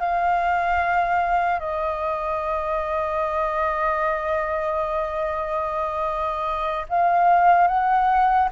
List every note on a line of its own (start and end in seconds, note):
0.00 1.59 F5
1.59 6.86 D#5
6.89 7.67 F5
7.67 8.48 F#5